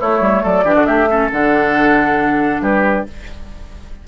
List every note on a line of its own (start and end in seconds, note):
0.00 0.64 A3
0.00 0.20 A3
0.00 0.42 E4
0.00 0.44 C#5
0.20 0.42 G3
0.42 0.65 F#3
0.42 0.64 A4
0.42 0.85 D5
0.64 0.75 E3
0.64 1.08 D4
0.64 0.75 G4
0.75 0.86 D3
0.75 0.85 F#4
0.85 1.30 A3
0.85 1.09 G4
0.85 1.29 E5
1.08 1.30 C#4
1.08 2.62 A4
1.31 2.61 D3
1.31 3.07 D4
1.31 2.62 F#5
2.61 3.05 G3
2.61 3.05 G4
2.61 3.06 B4